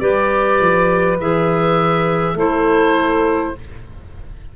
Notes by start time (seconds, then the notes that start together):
0.00 G3 G4 B4 D5
0.61 F3
1.20 E3 G#4 E5
2.35 A3 E4 A4 C5